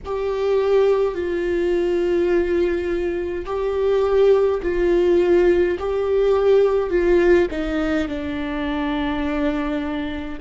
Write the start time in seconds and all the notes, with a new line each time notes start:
0.05 G4
1.14 F4
3.45 G4
4.62 F4
5.79 G4
6.89 F4
7.50 D#4
8.08 D4